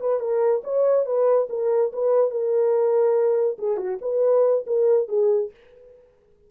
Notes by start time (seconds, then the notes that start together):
0.00 B4
0.19 A#4
0.64 C#5
1.05 B4
1.49 A#4
1.92 B4
2.30 A#4
3.58 G#4
3.77 F#4
4.01 B4
4.66 A#4
5.08 G#4